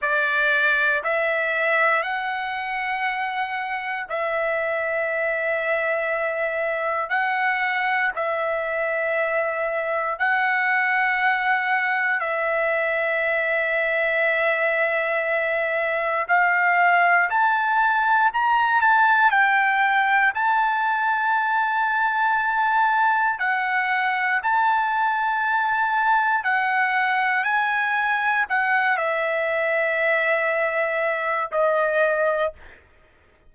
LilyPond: \new Staff \with { instrumentName = "trumpet" } { \time 4/4 \tempo 4 = 59 d''4 e''4 fis''2 | e''2. fis''4 | e''2 fis''2 | e''1 |
f''4 a''4 ais''8 a''8 g''4 | a''2. fis''4 | a''2 fis''4 gis''4 | fis''8 e''2~ e''8 dis''4 | }